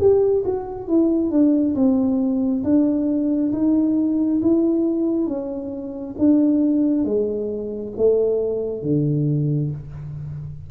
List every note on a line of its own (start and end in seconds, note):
0.00 0.44 G4
0.45 0.88 F#4
0.88 1.31 E4
1.31 1.75 D4
1.75 2.64 C4
2.64 3.53 D4
3.53 4.42 D#4
4.42 5.28 E4
5.28 6.16 C#4
6.18 7.05 D4
7.05 7.93 G#3
7.97 8.83 A3
8.83 9.71 D3